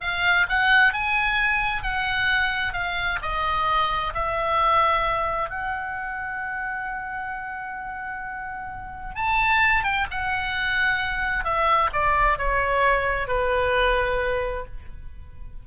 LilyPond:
\new Staff \with { instrumentName = "oboe" } { \time 4/4 \tempo 4 = 131 f''4 fis''4 gis''2 | fis''2 f''4 dis''4~ | dis''4 e''2. | fis''1~ |
fis''1 | a''4. g''8 fis''2~ | fis''4 e''4 d''4 cis''4~ | cis''4 b'2. | }